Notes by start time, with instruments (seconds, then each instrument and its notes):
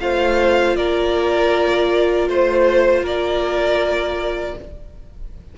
0.00 cello A3, viola F4, violin C5 F5
0.75 cello A#3, violin A#4 D5
2.27 cello A3, violin C5
3.02 cello A#3, violin A#4 D5